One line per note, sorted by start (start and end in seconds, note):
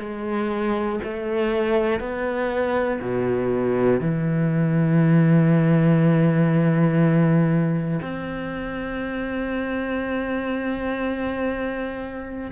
0.00 1.00 G#3
1.04 2.00 A3
2.00 3.00 B3
3.02 4.01 B2
4.01 8.01 E3
8.02 12.52 C4